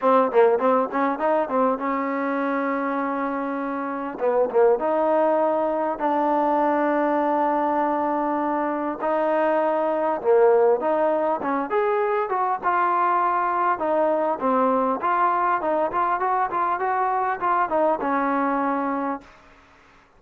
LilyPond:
\new Staff \with { instrumentName = "trombone" } { \time 4/4 \tempo 4 = 100 c'8 ais8 c'8 cis'8 dis'8 c'8 cis'4~ | cis'2. b8 ais8 | dis'2 d'2~ | d'2. dis'4~ |
dis'4 ais4 dis'4 cis'8 gis'8~ | gis'8 fis'8 f'2 dis'4 | c'4 f'4 dis'8 f'8 fis'8 f'8 | fis'4 f'8 dis'8 cis'2 | }